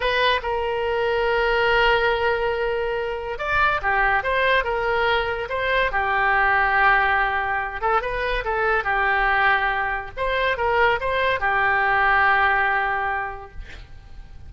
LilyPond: \new Staff \with { instrumentName = "oboe" } { \time 4/4 \tempo 4 = 142 b'4 ais'2.~ | ais'1 | d''4 g'4 c''4 ais'4~ | ais'4 c''4 g'2~ |
g'2~ g'8 a'8 b'4 | a'4 g'2. | c''4 ais'4 c''4 g'4~ | g'1 | }